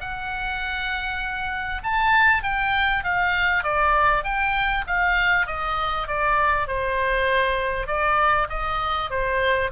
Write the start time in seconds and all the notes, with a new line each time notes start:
0.00 F#5
1.83 A5
2.43 G5
3.04 F5
3.63 D5
4.23 G5
4.87 F5
5.46 D#5
6.07 D5
6.67 C5
7.87 D5
8.49 D#5
9.10 C5